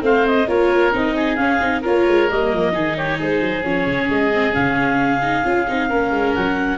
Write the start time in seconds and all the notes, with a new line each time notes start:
0.00 A3 C4 C5 F5
0.27 D#5
0.48 A#3 F4 A#4 C#5
0.92 C4 D#4 D#5
1.16 G#4
1.36 C#4 F5
1.61 C4 D#4
1.81 A#3 F4 A#4 C#5
2.07 G#3
2.29 G3 A#3 D#5
2.53 F3
2.72 D#3 D#4 G#4
2.97 G4 C#5
3.18 G#3 G#4 C5
3.41 F#3
3.63 F3 C#4 C#5
3.86 C#3
4.09 G#3 D#5
4.33 C4
4.51 C#3 C#4 F5
5.22 D#4
5.44 C#4 F4
5.68 C4 D#4
5.89 A#3 C#4 A#4
6.11 G#3
6.34 F#3 F#5